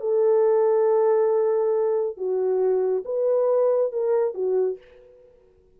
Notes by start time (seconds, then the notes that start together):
0.00 A4
2.17 F#4
3.05 B4
3.92 A#4
4.34 F#4